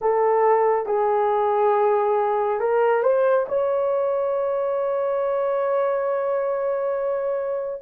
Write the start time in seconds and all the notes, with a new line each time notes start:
0.01 A4
0.86 G#4
2.60 A#4
3.02 C5
3.48 C#5